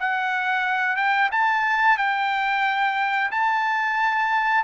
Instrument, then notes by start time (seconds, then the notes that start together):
trumpet
0.00 F#5
0.97 G5
1.32 A5
1.98 G5
3.32 A5